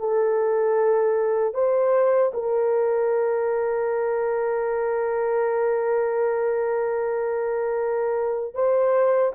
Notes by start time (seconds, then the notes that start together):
0.00 A4
1.54 C5
2.34 A#4
8.55 C5